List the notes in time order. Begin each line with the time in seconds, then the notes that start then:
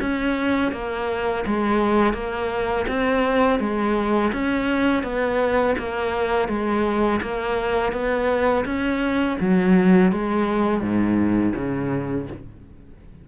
0.00 C#4
0.72 A#3
1.46 G#3
2.13 A#3
2.88 C4
3.59 G#3
4.32 C#4
5.03 B3
5.78 A#3
6.48 G#3
7.21 A#3
7.92 B3
8.65 C#4
9.40 F#3
10.11 G#3
10.80 G#2
11.55 C#3